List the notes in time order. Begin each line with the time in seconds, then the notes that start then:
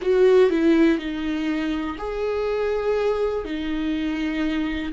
0.01 F#4
0.50 E4
0.98 D#4
1.98 G#4
3.44 D#4